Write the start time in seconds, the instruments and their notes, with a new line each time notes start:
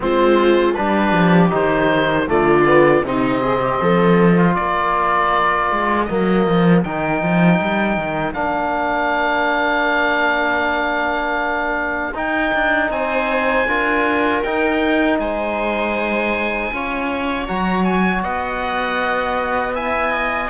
0.00 cello G#3, trombone C4, viola F4, oboe C5
0.74 cello G3, trombone D4, viola G4, oboe B4
1.12 cello F3
1.49 cello D#3, trombone D#4, oboe C5
2.26 cello D3, trombone A3, viola F4, oboe D5
2.66 trombone B3
3.02 cello C3, trombone C4, viola D#4, oboe D#5
3.41 viola G#4
3.61 viola G4
3.80 cello F3, viola A4
4.36 trombone F4
4.53 cello A#3, viola A#4, oboe D5
5.71 cello G#3
6.04 cello F#3, trombone A#3, oboe D#5
6.46 cello F3
6.83 cello D#3, trombone D#4, oboe G5
7.22 cello F3
7.60 cello G3
7.97 cello D#3
8.33 cello A#3, trombone D4, oboe F5
12.14 cello D#4, trombone D#4, oboe G5
12.54 cello D4
12.90 cello C4, viola C5, oboe G#5
13.66 cello D4, trombone F4, viola A#4
14.43 cello D#4, trombone D#4, oboe G5
15.19 cello G#3, viola C5, oboe G#5
16.72 cello C#4, trombone F4, viola C#5
17.47 cello F#3, trombone F#4, oboe A#5
17.84 oboe G#5
18.22 cello B3, viola D#5, oboe F#5
19.75 trombone E4, viola E5, oboe G#5
20.10 viola D#5